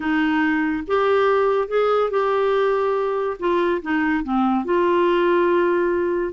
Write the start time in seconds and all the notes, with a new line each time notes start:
0.00 D#4
0.87 G4
1.68 G#4
2.10 G4
3.39 F4
3.82 D#4
4.23 C4
4.64 F4